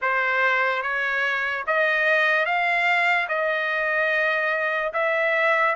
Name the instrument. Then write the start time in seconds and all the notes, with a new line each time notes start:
trumpet
0.01 C5
0.82 C#5
1.66 D#5
2.45 F5
3.28 D#5
4.93 E5